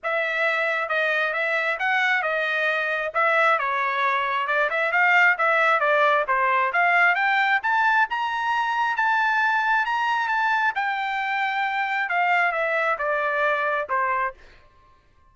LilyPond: \new Staff \with { instrumentName = "trumpet" } { \time 4/4 \tempo 4 = 134 e''2 dis''4 e''4 | fis''4 dis''2 e''4 | cis''2 d''8 e''8 f''4 | e''4 d''4 c''4 f''4 |
g''4 a''4 ais''2 | a''2 ais''4 a''4 | g''2. f''4 | e''4 d''2 c''4 | }